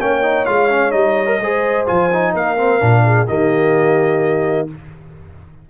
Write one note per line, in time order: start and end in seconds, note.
0.00 0.47 A#3
0.00 0.23 C#4
0.00 1.42 C#5
0.00 0.46 G5
0.23 0.47 D#4
0.46 0.94 G#3
0.46 0.70 F4
0.46 0.92 F5
0.70 0.92 C#4
0.92 1.40 G3
0.92 1.27 D#4
0.92 1.85 D#5
1.27 1.38 A#4
1.40 1.87 G#3
1.40 1.87 G#4
1.40 2.34 C5
1.87 2.35 F3
1.87 2.10 F4
1.87 2.34 G#5
2.13 2.58 D#4
2.34 2.81 A#3
2.34 3.04 A#4
2.34 3.28 F5
2.58 2.80 C4
2.80 3.29 A#2
2.80 3.27 D4
3.05 3.29 G#4
3.27 4.70 D#3
3.27 4.68 A#3
3.27 4.69 G4
3.27 4.69 D#5